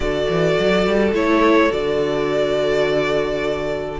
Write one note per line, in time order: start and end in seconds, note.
0.00 0.27 D3
0.00 1.14 F#4
0.00 4.00 A4
0.00 1.12 D5
0.28 0.57 E3
0.59 0.86 F#3
0.86 1.12 G3
1.12 1.69 A3
1.12 1.70 E4
1.12 1.71 C#5
1.70 4.00 D3
1.70 3.98 F#4
1.70 4.00 D5